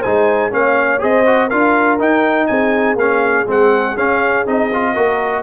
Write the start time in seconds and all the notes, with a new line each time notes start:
0.00 G#3 D#4 C5 G#5
0.51 A#3 C#4 C#5 F5
0.99 C4 G#4 C5 D#5
1.26 F#4
1.48 D4 F4 A#4 F5
1.99 D#4 G5
2.47 C4 G#4 G#5
2.96 A#3 C#4 F5
3.47 G#3 C4 F#5
3.97 C#4 F5
4.47 C4 D#4 D#5
4.74 F4
4.93 A#3 F#4 A#4